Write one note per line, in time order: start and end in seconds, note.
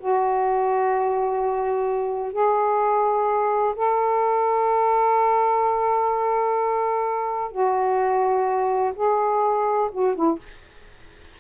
0.00 2.33 F#4
2.33 3.75 G#4
3.76 7.52 A4
7.52 8.94 F#4
8.96 9.90 G#4
9.92 10.16 F#4
10.16 10.39 E4